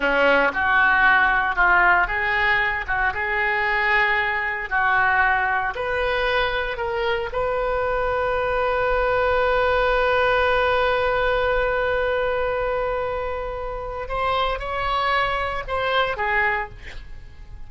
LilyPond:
\new Staff \with { instrumentName = "oboe" } { \time 4/4 \tempo 4 = 115 cis'4 fis'2 f'4 | gis'4. fis'8 gis'2~ | gis'4 fis'2 b'4~ | b'4 ais'4 b'2~ |
b'1~ | b'1~ | b'2. c''4 | cis''2 c''4 gis'4 | }